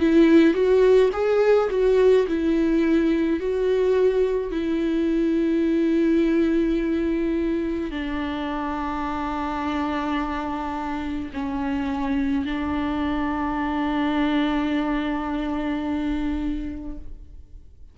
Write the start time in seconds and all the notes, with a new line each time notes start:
0.00 E4
0.54 F#4
1.13 G#4
1.70 F#4
2.27 E4
3.40 F#4
4.52 E4
7.91 D4
11.34 C#4
12.45 D4